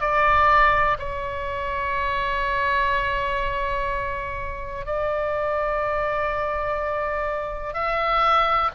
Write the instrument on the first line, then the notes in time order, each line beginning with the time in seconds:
oboe
0.00 D5
0.99 C#5
4.86 D5
7.73 E5